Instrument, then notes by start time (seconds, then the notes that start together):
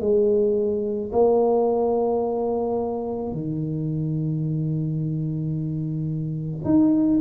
tuba
0.00 G#3
1.12 A#3
3.32 D#3
6.64 D#4